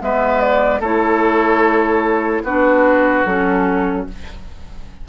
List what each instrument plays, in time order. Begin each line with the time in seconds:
0.00 bassoon G#3, clarinet B3, oboe B4, flute E5
0.40 flute D5
0.80 bassoon A3, clarinet E4, oboe A4, flute C#5
2.43 bassoon B3, clarinet D4, oboe F#4, flute B4
3.25 bassoon F#3, clarinet C#4, flute A4